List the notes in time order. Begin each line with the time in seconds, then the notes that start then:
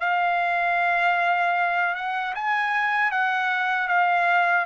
0.00 F5
1.95 F#5
2.34 G#5
3.11 F#5
3.88 F5